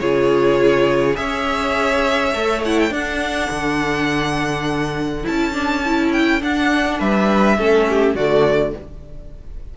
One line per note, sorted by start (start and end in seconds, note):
0.00 1.18 C#3
0.00 1.15 F4
0.00 1.18 G#4
0.00 1.16 C#5
1.15 2.34 C#4
1.15 2.32 G#4
1.15 2.94 C#5
1.15 2.62 E5
2.34 2.91 A3
2.34 2.63 A4
2.65 2.91 E4
2.65 2.80 F#5
2.80 2.93 G5
2.91 3.49 D4
2.91 5.24 D4
2.91 6.99 A4
2.91 5.26 F#5
3.50 5.25 D3
5.24 6.42 C#4
5.24 5.53 E4
5.24 6.13 A5
5.53 5.82 D4
5.86 6.41 E4
6.13 6.42 G5
6.41 7.58 D4
6.41 7.00 D4
6.41 7.00 F#5
6.99 7.58 G3
6.99 7.57 B4
6.99 8.16 E5
7.58 8.15 A3
7.58 8.17 C#4
7.58 7.87 A4
7.89 8.16 G4
8.15 8.73 D3
8.15 8.77 A3
8.15 8.74 F#4
8.15 8.74 D5